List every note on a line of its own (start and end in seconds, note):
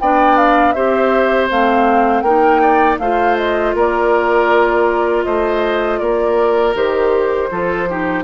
0.00 0.75 B3
0.00 0.75 D4
0.00 0.75 D5
0.00 0.38 G5
0.38 0.72 F5
0.72 1.50 C4
0.72 1.50 G4
0.72 2.24 C5
0.72 1.47 E5
1.50 2.23 A3
1.50 2.25 C4
1.50 2.21 F5
2.21 2.98 A#3
2.21 3.00 D#4
2.21 2.61 A#4
2.21 2.96 G5
2.62 2.99 D5
2.99 3.74 A3
2.99 6.75 F4
2.99 3.76 C5
2.99 3.37 F5
3.37 3.74 D#5
3.75 5.25 A#3
3.75 5.26 A#4
3.75 5.24 D5
5.24 6.00 A3
5.24 6.00 C5
5.24 5.99 D#5
5.99 6.75 A#3
5.99 7.50 A#4
5.99 6.74 D5
6.75 7.50 D#3
6.75 7.50 G4
6.75 8.24 C5
7.50 8.24 F3
7.50 7.89 F4
7.50 7.89 A4
7.89 8.24 D#4
7.89 8.24 G4